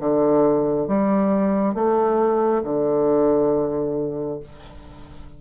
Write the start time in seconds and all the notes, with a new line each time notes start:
0.00 D3
0.88 G3
1.75 A3
2.64 D3